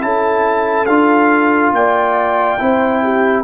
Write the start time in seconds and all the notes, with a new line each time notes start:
0.00 C#4 E4 A4 A5
0.85 D4 F4 F5
1.72 A#3 D5 G5
2.58 C4 E4 C5
3.02 G4